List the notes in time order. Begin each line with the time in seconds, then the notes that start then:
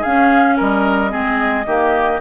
0.00 C#4 G#4 F5
0.57 G3 A#4 D#5
1.10 G#3 C4 G#4
1.66 D#3 A#3 G4